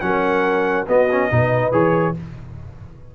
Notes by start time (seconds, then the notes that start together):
0.00 F#3 C#4 A#4 F#5
0.87 B3 F#4 D#5
1.11 C#4
1.30 B2 D#4 B4
1.71 E3 G#4 C#5